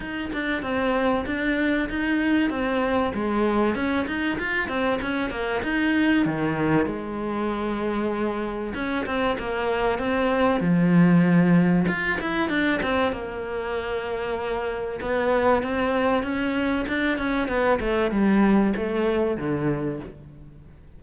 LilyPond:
\new Staff \with { instrumentName = "cello" } { \time 4/4 \tempo 4 = 96 dis'8 d'8 c'4 d'4 dis'4 | c'4 gis4 cis'8 dis'8 f'8 c'8 | cis'8 ais8 dis'4 dis4 gis4~ | gis2 cis'8 c'8 ais4 |
c'4 f2 f'8 e'8 | d'8 c'8 ais2. | b4 c'4 cis'4 d'8 cis'8 | b8 a8 g4 a4 d4 | }